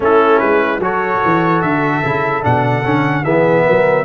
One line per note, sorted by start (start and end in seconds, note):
0.00 0.40 A3
0.00 0.80 C#4
0.00 0.82 E4
0.00 0.39 A4
0.39 0.78 G#3
0.39 0.79 B4
0.78 1.19 F#3
0.78 2.03 F#4
0.78 3.23 A4
0.78 1.61 C#5
1.24 1.63 E3
1.61 2.03 D3
1.61 2.42 E5
2.04 2.45 C#3
2.04 2.42 E4
2.42 2.85 B2
2.42 2.83 D4
2.42 3.24 F#5
2.84 3.24 D3
2.84 3.24 C#4
3.23 3.64 E3
3.23 4.05 B3
3.23 3.64 G#4
3.23 4.05 E5
3.66 4.05 F#3
3.66 4.05 A#4